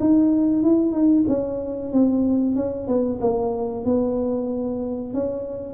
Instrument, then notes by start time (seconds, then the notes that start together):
tuba
0.00 D#4
0.62 E4
0.92 D#4
1.28 C#4
1.92 C4
2.55 C#4
2.87 B3
3.21 A#3
3.84 B3
5.13 C#4